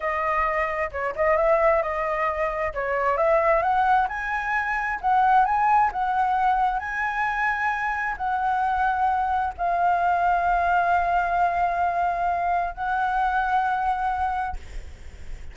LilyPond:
\new Staff \with { instrumentName = "flute" } { \time 4/4 \tempo 4 = 132 dis''2 cis''8 dis''8 e''4 | dis''2 cis''4 e''4 | fis''4 gis''2 fis''4 | gis''4 fis''2 gis''4~ |
gis''2 fis''2~ | fis''4 f''2.~ | f''1 | fis''1 | }